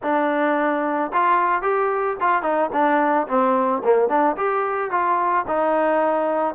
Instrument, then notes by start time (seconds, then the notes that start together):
trombone
0.02 D4
1.13 F4
1.62 G4
2.20 F4
2.42 D#4
2.72 D4
3.27 C4
3.84 A#3
4.08 D4
4.36 G4
4.90 F4
5.47 D#4